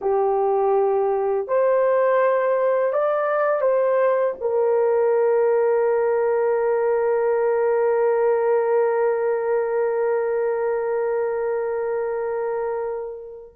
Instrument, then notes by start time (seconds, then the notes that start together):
horn
0.01 G4
1.47 C5
2.93 D5
3.61 C5
4.41 A#4